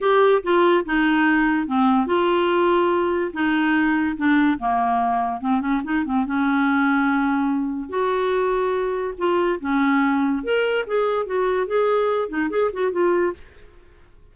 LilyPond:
\new Staff \with { instrumentName = "clarinet" } { \time 4/4 \tempo 4 = 144 g'4 f'4 dis'2 | c'4 f'2. | dis'2 d'4 ais4~ | ais4 c'8 cis'8 dis'8 c'8 cis'4~ |
cis'2. fis'4~ | fis'2 f'4 cis'4~ | cis'4 ais'4 gis'4 fis'4 | gis'4. dis'8 gis'8 fis'8 f'4 | }